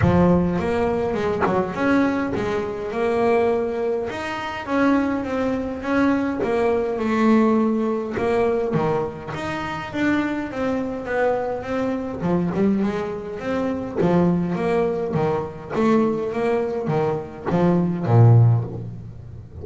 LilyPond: \new Staff \with { instrumentName = "double bass" } { \time 4/4 \tempo 4 = 103 f4 ais4 gis8 fis8 cis'4 | gis4 ais2 dis'4 | cis'4 c'4 cis'4 ais4 | a2 ais4 dis4 |
dis'4 d'4 c'4 b4 | c'4 f8 g8 gis4 c'4 | f4 ais4 dis4 a4 | ais4 dis4 f4 ais,4 | }